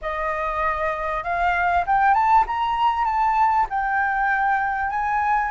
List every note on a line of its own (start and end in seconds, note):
0.01 1.23 D#5
1.23 1.84 F5
1.86 2.13 G5
2.13 2.44 A5
2.47 3.04 A#5
3.04 3.66 A5
3.69 4.90 G5
4.90 5.51 G#5